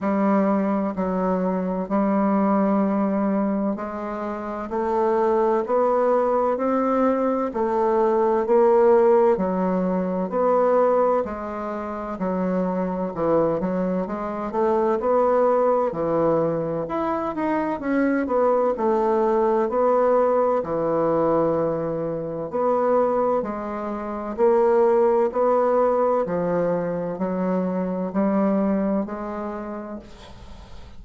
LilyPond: \new Staff \with { instrumentName = "bassoon" } { \time 4/4 \tempo 4 = 64 g4 fis4 g2 | gis4 a4 b4 c'4 | a4 ais4 fis4 b4 | gis4 fis4 e8 fis8 gis8 a8 |
b4 e4 e'8 dis'8 cis'8 b8 | a4 b4 e2 | b4 gis4 ais4 b4 | f4 fis4 g4 gis4 | }